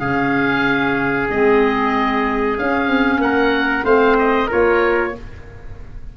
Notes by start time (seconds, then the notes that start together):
0.00 C#3 C#4 G#4 F5
1.31 G#3 C4 D#5
2.57 C#4 F5
2.89 C4
3.19 A#3 A#4 F#5
3.84 A3 C4 C5 F5
4.19 D#5
4.47 A#3 F4 A#4 C#5